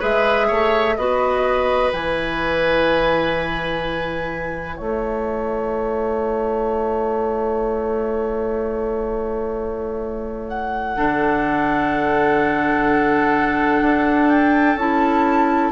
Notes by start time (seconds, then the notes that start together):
0.00 G#3 G#4 B4 E5
0.48 A3 C#5
0.97 B3 F#4 B4 D#5
1.93 E3 E4 G#5
4.77 A3 C#5 E5
10.49 F#5
10.97 D3 D4 A4
13.82 D4
14.30 G5
14.76 C#4 E4 A5